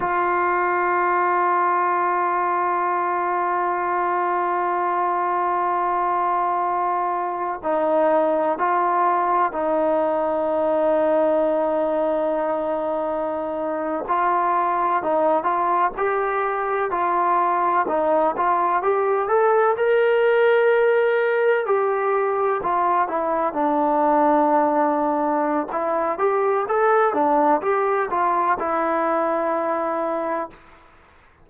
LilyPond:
\new Staff \with { instrumentName = "trombone" } { \time 4/4 \tempo 4 = 63 f'1~ | f'1 | dis'4 f'4 dis'2~ | dis'2~ dis'8. f'4 dis'16~ |
dis'16 f'8 g'4 f'4 dis'8 f'8 g'16~ | g'16 a'8 ais'2 g'4 f'16~ | f'16 e'8 d'2~ d'16 e'8 g'8 | a'8 d'8 g'8 f'8 e'2 | }